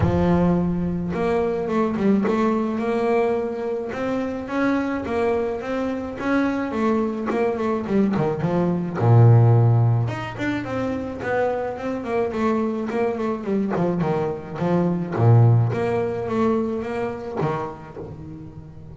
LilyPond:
\new Staff \with { instrumentName = "double bass" } { \time 4/4 \tempo 4 = 107 f2 ais4 a8 g8 | a4 ais2 c'4 | cis'4 ais4 c'4 cis'4 | a4 ais8 a8 g8 dis8 f4 |
ais,2 dis'8 d'8 c'4 | b4 c'8 ais8 a4 ais8 a8 | g8 f8 dis4 f4 ais,4 | ais4 a4 ais4 dis4 | }